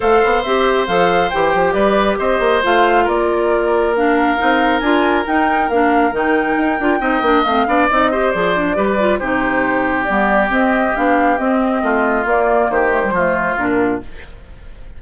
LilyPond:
<<
  \new Staff \with { instrumentName = "flute" } { \time 4/4 \tempo 4 = 137 f''4 e''4 f''4 g''4 | d''4 dis''4 f''4 d''4~ | d''4 f''2 gis''4 | g''4 f''4 g''2~ |
g''4 f''4 dis''4 d''4~ | d''4 c''2 d''4 | dis''4 f''4 dis''2 | d''4 c''2 ais'4 | }
  \new Staff \with { instrumentName = "oboe" } { \time 4/4 c''1 | b'4 c''2 ais'4~ | ais'1~ | ais'1 |
dis''4. d''4 c''4. | b'4 g'2.~ | g'2. f'4~ | f'4 g'4 f'2 | }
  \new Staff \with { instrumentName = "clarinet" } { \time 4/4 a'4 g'4 a'4 g'4~ | g'2 f'2~ | f'4 d'4 dis'4 f'4 | dis'4 d'4 dis'4. f'8 |
dis'8 d'8 c'8 d'8 dis'8 g'8 gis'8 d'8 | g'8 f'8 dis'2 b4 | c'4 d'4 c'2 | ais4. a16 g16 a4 d'4 | }
  \new Staff \with { instrumentName = "bassoon" } { \time 4/4 a8 b8 c'4 f4 e8 f8 | g4 c'8 ais8 a4 ais4~ | ais2 c'4 d'4 | dis'4 ais4 dis4 dis'8 d'8 |
c'8 ais8 a8 b8 c'4 f4 | g4 c2 g4 | c'4 b4 c'4 a4 | ais4 dis4 f4 ais,4 | }
>>